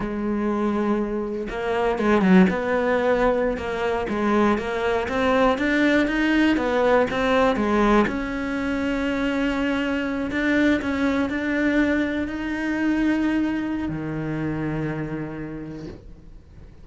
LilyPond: \new Staff \with { instrumentName = "cello" } { \time 4/4 \tempo 4 = 121 gis2. ais4 | gis8 fis8 b2~ b16 ais8.~ | ais16 gis4 ais4 c'4 d'8.~ | d'16 dis'4 b4 c'4 gis8.~ |
gis16 cis'2.~ cis'8.~ | cis'8. d'4 cis'4 d'4~ d'16~ | d'8. dis'2.~ dis'16 | dis1 | }